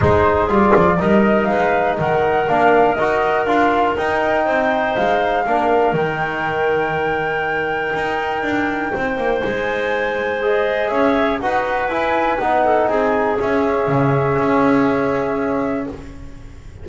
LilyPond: <<
  \new Staff \with { instrumentName = "flute" } { \time 4/4 \tempo 4 = 121 c''4 d''4 dis''4 f''4 | fis''4 f''4 dis''4 f''4 | g''2 f''2 | g''1~ |
g''2. gis''4~ | gis''4 dis''4 e''4 fis''4 | gis''4 fis''4 gis''4 e''4~ | e''1 | }
  \new Staff \with { instrumentName = "clarinet" } { \time 4/4 gis'2 ais'4 b'4 | ais'1~ | ais'4 c''2 ais'4~ | ais'1~ |
ais'2 c''2~ | c''2 cis''4 b'4~ | b'4. a'8 gis'2~ | gis'1 | }
  \new Staff \with { instrumentName = "trombone" } { \time 4/4 dis'4 f'4 dis'2~ | dis'4 d'4 fis'4 f'4 | dis'2. d'4 | dis'1~ |
dis'1~ | dis'4 gis'2 fis'4 | e'4 dis'2 cis'4~ | cis'1 | }
  \new Staff \with { instrumentName = "double bass" } { \time 4/4 gis4 g8 f8 g4 gis4 | dis4 ais4 dis'4 d'4 | dis'4 c'4 gis4 ais4 | dis1 |
dis'4 d'4 c'8 ais8 gis4~ | gis2 cis'4 dis'4 | e'4 b4 c'4 cis'4 | cis4 cis'2. | }
>>